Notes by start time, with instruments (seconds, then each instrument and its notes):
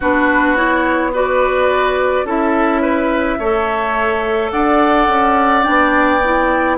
0.00 bassoon B3, clarinet D4, oboe F#4, flute B4
0.55 clarinet E4, flute C#5
1.13 clarinet F#4, oboe B4, flute D5
2.24 bassoon C#4, clarinet E4, oboe A4, flute E5
2.81 oboe B4
3.38 bassoon A3, clarinet A4, oboe C#5
4.51 bassoon D4, oboe D5, flute F#5
5.07 bassoon C#4
5.63 bassoon B3, clarinet D4, flute G5
6.24 clarinet E4